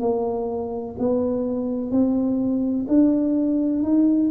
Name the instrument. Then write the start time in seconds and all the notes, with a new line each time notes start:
tuba
0.00 A#3
0.99 B3
1.91 C4
2.88 D4
3.83 D#4